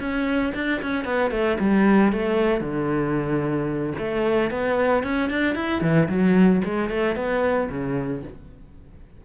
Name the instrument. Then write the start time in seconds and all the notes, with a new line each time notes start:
cello
0.00 C#4
0.55 D4
0.82 C#4
1.05 B3
1.31 A3
1.60 G3
2.12 A3
2.61 D3
3.98 A3
4.51 B3
5.03 C#4
5.30 D4
5.55 E4
5.82 E3
6.09 F#3
6.64 G#3
6.90 A3
7.16 B3
7.70 C#3